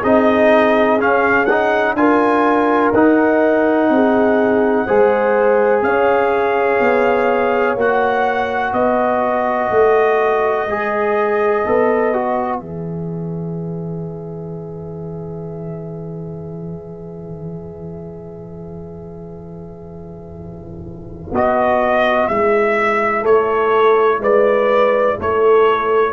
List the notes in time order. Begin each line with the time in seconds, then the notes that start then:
0.00 C4 D#4 G#4 D#5
0.99 C#4 F5
1.45 D#4 F#5
1.94 D4 F4 A#4 G#5
2.92 D#4 F#5
3.89 C4 G#4
4.86 G#3 G#4 C5
5.82 C#4 C#5 F5
6.80 B3
7.75 A#3 F#4 F#5
8.73 B3 B4 D#5
9.70 A3
10.66 G#3 G#4
11.66 B3 A4
12.13 F#4
12.59 E3 G#4 E5
21.31 B3 F#4 D#5
22.28 G#3 E4 E5
23.21 A3 A4 C#5
24.19 G#3 B4 D5
25.19 A3 A4 C#5